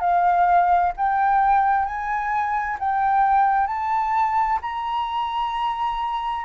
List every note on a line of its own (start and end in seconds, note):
0.00 0.92 F5
0.97 1.85 G5
1.85 2.77 G#5
2.79 3.67 G5
3.67 4.59 A5
4.62 6.45 A#5